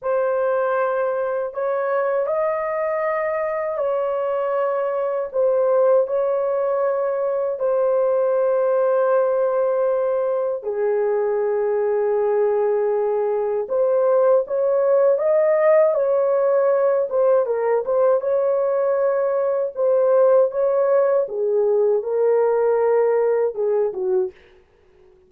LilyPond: \new Staff \with { instrumentName = "horn" } { \time 4/4 \tempo 4 = 79 c''2 cis''4 dis''4~ | dis''4 cis''2 c''4 | cis''2 c''2~ | c''2 gis'2~ |
gis'2 c''4 cis''4 | dis''4 cis''4. c''8 ais'8 c''8 | cis''2 c''4 cis''4 | gis'4 ais'2 gis'8 fis'8 | }